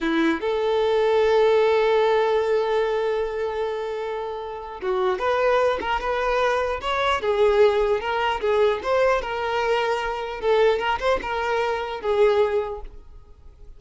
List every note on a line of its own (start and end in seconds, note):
0.00 0.40 E4
0.40 4.80 A4
4.82 5.18 F#4
5.18 5.78 B4
5.80 6.00 A#4
6.00 6.80 B4
6.81 7.21 C#5
7.21 8.00 G#4
8.00 8.40 A#4
8.41 8.81 G#4
8.82 9.21 C5
9.21 10.41 A#4
10.41 10.79 A4
10.79 10.99 A#4
10.99 11.19 C5
11.21 12.01 A#4
12.01 12.81 G#4